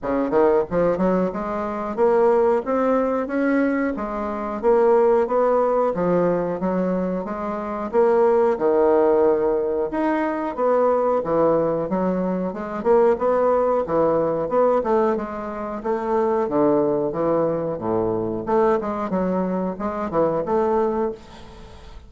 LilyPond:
\new Staff \with { instrumentName = "bassoon" } { \time 4/4 \tempo 4 = 91 cis8 dis8 f8 fis8 gis4 ais4 | c'4 cis'4 gis4 ais4 | b4 f4 fis4 gis4 | ais4 dis2 dis'4 |
b4 e4 fis4 gis8 ais8 | b4 e4 b8 a8 gis4 | a4 d4 e4 a,4 | a8 gis8 fis4 gis8 e8 a4 | }